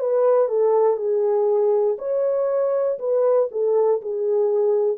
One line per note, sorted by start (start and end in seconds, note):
0.00 0.49 B4
0.49 0.97 A4
0.97 1.97 G#4
1.99 2.99 C#5
2.99 3.49 B4
3.51 4.01 A4
4.02 4.98 G#4